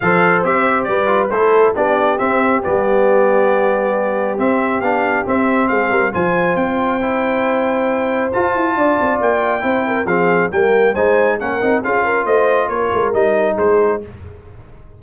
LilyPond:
<<
  \new Staff \with { instrumentName = "trumpet" } { \time 4/4 \tempo 4 = 137 f''4 e''4 d''4 c''4 | d''4 e''4 d''2~ | d''2 e''4 f''4 | e''4 f''4 gis''4 g''4~ |
g''2. a''4~ | a''4 g''2 f''4 | g''4 gis''4 fis''4 f''4 | dis''4 cis''4 dis''4 c''4 | }
  \new Staff \with { instrumentName = "horn" } { \time 4/4 c''2 b'4 a'4 | g'1~ | g'1~ | g'4 gis'8 ais'8 c''2~ |
c''1 | d''2 c''8 ais'8 gis'4 | ais'4 c''4 ais'4 gis'8 ais'8 | c''4 ais'2 gis'4 | }
  \new Staff \with { instrumentName = "trombone" } { \time 4/4 a'4 g'4. f'8 e'4 | d'4 c'4 b2~ | b2 c'4 d'4 | c'2 f'2 |
e'2. f'4~ | f'2 e'4 c'4 | ais4 dis'4 cis'8 dis'8 f'4~ | f'2 dis'2 | }
  \new Staff \with { instrumentName = "tuba" } { \time 4/4 f4 c'4 g4 a4 | b4 c'4 g2~ | g2 c'4 b4 | c'4 gis8 g8 f4 c'4~ |
c'2. f'8 e'8 | d'8 c'8 ais4 c'4 f4 | g4 gis4 ais8 c'8 cis'4 | a4 ais8 gis8 g4 gis4 | }
>>